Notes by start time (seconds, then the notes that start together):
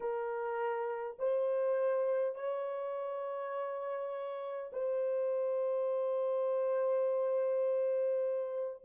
0.00 A#4
1.18 C5
2.35 C#5
4.72 C5